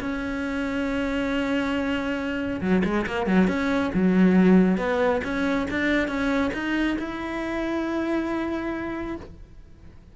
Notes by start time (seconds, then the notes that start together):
0.00 C#4
2.61 F#3
2.85 G#3
3.07 A#3
3.27 F#3
3.48 C#4
3.94 F#3
4.78 B3
5.24 C#4
5.70 D4
6.08 C#4
6.54 D#4
6.99 E4